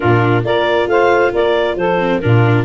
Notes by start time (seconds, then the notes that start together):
0.00 A#2 D4 F4 A#4
0.44 A#3 F4 A#4 D5
0.87 A3 C5 F5
1.32 A#3 A#4 D5
1.76 F3 A4 C5
1.98 C4
2.20 A#2 D4 F4 A#4